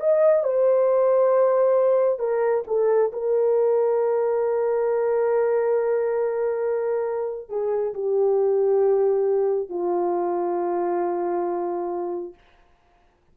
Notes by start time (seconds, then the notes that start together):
0.00 D#5
0.43 C5
2.19 A#4
2.67 A4
3.12 A#4
7.49 G#4
7.94 G4
9.69 F4